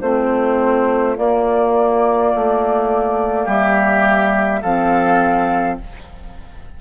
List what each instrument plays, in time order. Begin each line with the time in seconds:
0.00 bassoon A3, clarinet C4, oboe F4, flute C5
1.17 clarinet A#3, bassoon A#3, flute D5
2.35 bassoon A3
3.44 bassoon G3, oboe G4, flute E5
4.62 bassoon F3, clarinet C4, oboe A4, flute F5